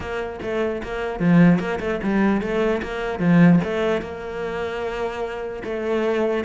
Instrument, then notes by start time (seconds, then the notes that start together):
cello
0.00 A#3
0.41 A3
0.83 A#3
1.19 F3
1.59 A#3
1.80 A3
2.03 G3
2.41 A3
2.82 A#3
3.19 F3
3.64 A3
4.01 A#3
5.64 A3